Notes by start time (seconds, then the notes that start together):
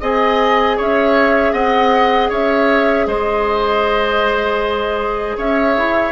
0.00 C4 G#4 D#5 G#5
0.77 C#4 C#5 E5
1.52 C4 D#5 F#5
2.29 C#4 C#5 E5
3.07 G#3 C5 D#5
5.37 C#4 C#5 E5
5.77 E4